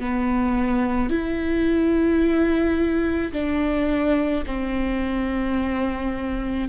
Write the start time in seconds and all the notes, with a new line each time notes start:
0.00 B3
1.10 E4
3.33 D4
4.46 C4